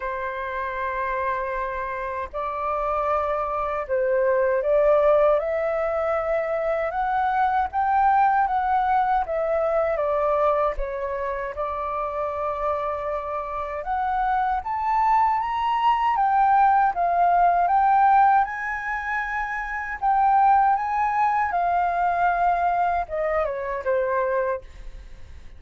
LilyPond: \new Staff \with { instrumentName = "flute" } { \time 4/4 \tempo 4 = 78 c''2. d''4~ | d''4 c''4 d''4 e''4~ | e''4 fis''4 g''4 fis''4 | e''4 d''4 cis''4 d''4~ |
d''2 fis''4 a''4 | ais''4 g''4 f''4 g''4 | gis''2 g''4 gis''4 | f''2 dis''8 cis''8 c''4 | }